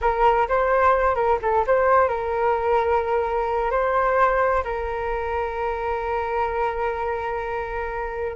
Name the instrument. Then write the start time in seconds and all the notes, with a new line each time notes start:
flute
0.01 A#4
0.48 C5
1.15 A#4
1.42 A4
1.66 C5
2.08 A#4
3.70 C5
4.64 A#4